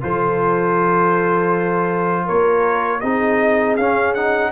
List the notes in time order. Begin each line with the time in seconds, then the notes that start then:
0.00 F3 F4 A4 C5
2.25 A#3 A#4 C#5
3.00 C4 D#4 G#4 D#5
3.76 C#4 F5
4.14 D#4 F#5